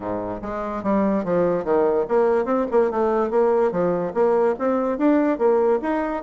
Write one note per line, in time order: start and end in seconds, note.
0.00 0.41 G#2
0.42 0.83 G#3
0.83 1.24 G3
1.24 1.64 F3
1.64 2.05 D#3
2.08 2.45 A#3
2.45 2.66 C4
2.71 2.90 A#3
2.90 3.30 A3
3.30 3.71 A#3
3.71 4.13 F3
4.14 4.55 A#3
4.58 4.98 C4
4.98 5.38 D4
5.38 5.79 A#3
5.82 6.23 D#4